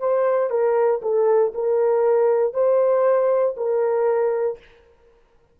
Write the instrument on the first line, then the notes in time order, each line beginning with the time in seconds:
horn
0.00 C5
0.50 A#4
1.02 A4
1.54 A#4
2.54 C5
3.57 A#4